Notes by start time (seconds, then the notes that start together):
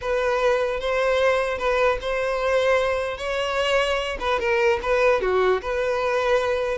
0.01 B4
0.79 C5
1.58 B4
2.01 C5
3.17 C#5
4.20 B4
4.39 A#4
4.82 B4
5.21 F#4
5.61 B4